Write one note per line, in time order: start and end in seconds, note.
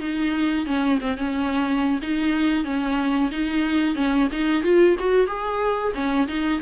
0.00 0.66 D#4
0.66 0.99 C#4
1.01 1.17 C4
1.17 2.00 C#4
2.02 2.64 D#4
2.64 3.30 C#4
3.31 3.95 D#4
3.95 4.28 C#4
4.32 4.63 D#4
4.63 4.96 F4
4.99 5.27 F#4
5.27 5.93 G#4
5.94 6.27 C#4
6.28 6.61 D#4